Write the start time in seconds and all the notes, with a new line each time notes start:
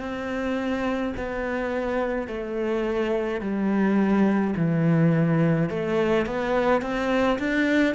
0.00 C4
1.17 B3
2.27 A3
3.41 G3
4.56 E3
5.70 A3
6.26 B3
6.82 C4
7.38 D4